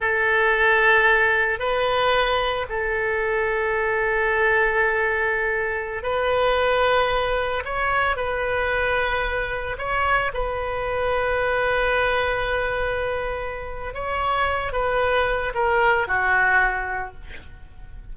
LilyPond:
\new Staff \with { instrumentName = "oboe" } { \time 4/4 \tempo 4 = 112 a'2. b'4~ | b'4 a'2.~ | a'2.~ a'16 b'8.~ | b'2~ b'16 cis''4 b'8.~ |
b'2~ b'16 cis''4 b'8.~ | b'1~ | b'2 cis''4. b'8~ | b'4 ais'4 fis'2 | }